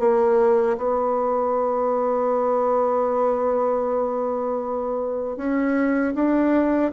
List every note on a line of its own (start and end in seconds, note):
0.00 0.77 A#3
0.78 5.37 B3
5.37 6.14 C#4
6.15 6.92 D4